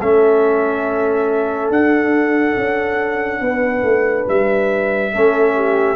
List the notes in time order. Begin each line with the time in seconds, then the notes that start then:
0.00 A3 C#4 A4 E5
1.70 D4 F#5
2.57 C#4
3.41 B3 B4
3.83 A3
4.29 G3 E5
5.13 A3 C#4 A4
5.56 G4